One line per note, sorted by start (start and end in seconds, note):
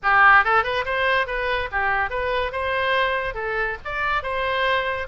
0.02 0.44 G4
0.44 0.63 A4
0.63 0.85 B4
0.85 1.27 C5
1.27 1.69 B4
1.71 2.10 G4
2.10 2.52 B4
2.52 3.34 C5
3.34 3.76 A4
3.85 4.22 D5
4.22 5.07 C5